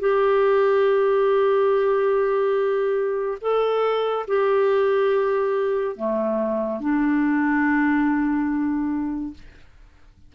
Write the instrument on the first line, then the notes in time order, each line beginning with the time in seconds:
clarinet
0.00 G4
3.41 A4
4.28 G4
5.97 A3
6.80 D4